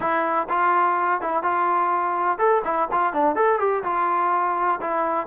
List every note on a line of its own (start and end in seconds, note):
0.00 0.47 E4
0.49 1.21 F4
1.21 1.42 E4
1.42 2.38 F4
2.38 2.62 A4
2.64 2.88 E4
2.91 3.13 F4
3.13 3.35 D4
3.35 3.59 A4
3.59 3.83 G4
3.83 4.79 F4
4.80 5.26 E4